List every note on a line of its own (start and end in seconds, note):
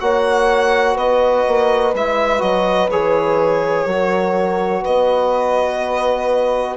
0.00 0.96 A#3
0.00 1.94 F#4
0.00 0.94 C#5
0.00 0.97 F#5
0.94 1.44 B3
0.94 3.84 B4
0.94 1.94 D#5
1.47 1.94 A#3
1.94 2.41 G#3
1.94 2.39 E4
1.94 2.41 E5
2.39 2.90 F#3
2.39 2.87 F#4
2.39 2.90 D#5
2.90 3.86 E3
2.90 3.88 G#4
2.90 4.84 C#5
3.85 4.82 F#3
3.85 6.76 F#4
3.85 4.82 A#4
4.82 6.76 B3
4.82 6.76 B4
4.82 6.76 D#5